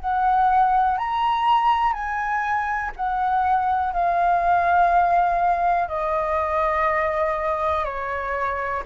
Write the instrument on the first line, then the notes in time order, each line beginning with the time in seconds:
flute
0.00 F#5
0.97 A#5
1.93 G#5
2.96 F#5
3.93 F5
5.88 D#5
7.84 C#5